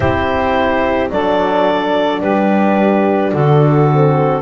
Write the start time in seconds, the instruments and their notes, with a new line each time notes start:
0.00 double bass C4, horn E4, saxophone G4, clarinet C5
1.10 double bass F#3, horn D4, saxophone A4, clarinet D5
2.21 double bass G3, saxophone G4, clarinet B4
3.30 double bass D3, saxophone F#4, clarinet A4
3.90 horn C4